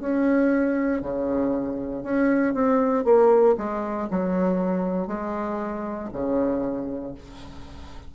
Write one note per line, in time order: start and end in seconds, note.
0.00 1.02 C#4
1.02 2.03 C#3
2.03 2.54 C#4
2.54 3.05 C4
3.05 3.55 A#3
3.58 4.09 G#3
4.10 5.08 F#3
5.08 6.09 G#3
6.13 7.15 C#3